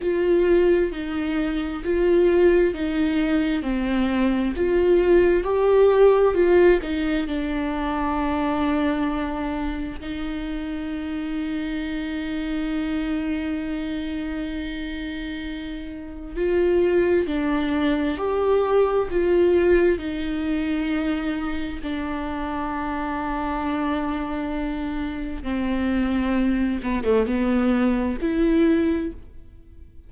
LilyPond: \new Staff \with { instrumentName = "viola" } { \time 4/4 \tempo 4 = 66 f'4 dis'4 f'4 dis'4 | c'4 f'4 g'4 f'8 dis'8 | d'2. dis'4~ | dis'1~ |
dis'2 f'4 d'4 | g'4 f'4 dis'2 | d'1 | c'4. b16 a16 b4 e'4 | }